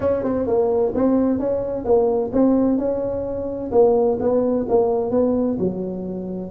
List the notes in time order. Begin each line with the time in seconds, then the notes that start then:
0.00 C#4
0.23 C4
0.47 A#3
0.95 C4
1.39 C#4
1.84 A#3
2.33 C4
2.78 C#4
3.71 A#3
4.19 B3
4.68 A#3
5.11 B3
5.58 F#3